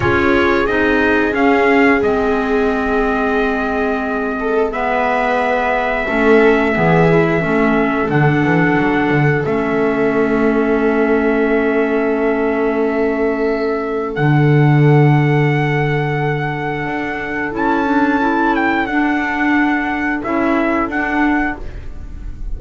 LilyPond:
<<
  \new Staff \with { instrumentName = "trumpet" } { \time 4/4 \tempo 4 = 89 cis''4 dis''4 f''4 dis''4~ | dis''2. e''4~ | e''1 | fis''2 e''2~ |
e''1~ | e''4 fis''2.~ | fis''2 a''4. g''8 | fis''2 e''4 fis''4 | }
  \new Staff \with { instrumentName = "viola" } { \time 4/4 gis'1~ | gis'2~ gis'8 a'8 b'4~ | b'4 a'4 gis'4 a'4~ | a'1~ |
a'1~ | a'1~ | a'1~ | a'1 | }
  \new Staff \with { instrumentName = "clarinet" } { \time 4/4 f'4 dis'4 cis'4 c'4~ | c'2. b4~ | b4 cis'4 b8 e'8 cis'4 | d'2 cis'2~ |
cis'1~ | cis'4 d'2.~ | d'2 e'8 d'8 e'4 | d'2 e'4 d'4 | }
  \new Staff \with { instrumentName = "double bass" } { \time 4/4 cis'4 c'4 cis'4 gis4~ | gis1~ | gis4 a4 e4 a4 | d8 e8 fis8 d8 a2~ |
a1~ | a4 d2.~ | d4 d'4 cis'2 | d'2 cis'4 d'4 | }
>>